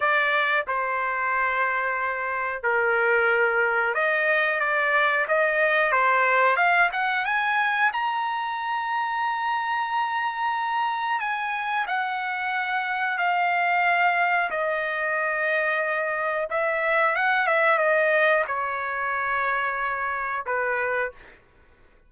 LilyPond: \new Staff \with { instrumentName = "trumpet" } { \time 4/4 \tempo 4 = 91 d''4 c''2. | ais'2 dis''4 d''4 | dis''4 c''4 f''8 fis''8 gis''4 | ais''1~ |
ais''4 gis''4 fis''2 | f''2 dis''2~ | dis''4 e''4 fis''8 e''8 dis''4 | cis''2. b'4 | }